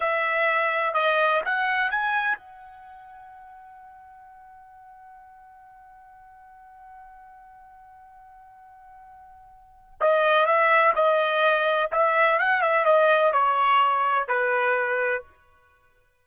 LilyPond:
\new Staff \with { instrumentName = "trumpet" } { \time 4/4 \tempo 4 = 126 e''2 dis''4 fis''4 | gis''4 fis''2.~ | fis''1~ | fis''1~ |
fis''1~ | fis''4 dis''4 e''4 dis''4~ | dis''4 e''4 fis''8 e''8 dis''4 | cis''2 b'2 | }